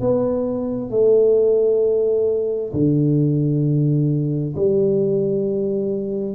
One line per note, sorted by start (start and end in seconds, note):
0.00 0.90 B3
0.90 2.72 A3
2.73 4.55 D3
4.55 6.35 G3